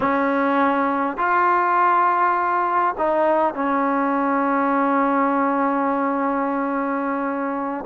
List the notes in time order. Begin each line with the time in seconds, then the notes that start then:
0.00 C#4
1.17 F4
2.97 D#4
3.54 C#4